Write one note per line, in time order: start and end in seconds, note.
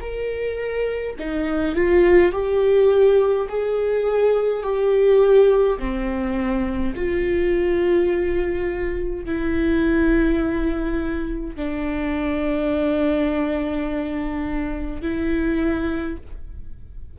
0.00 1.15 A#4
1.19 1.75 D#4
1.75 2.32 F4
2.32 3.47 G4
3.48 4.63 G#4
4.63 5.78 G4
5.78 6.93 C4
6.95 9.25 F4
9.25 11.56 E4
11.56 15.01 D4
15.01 16.16 E4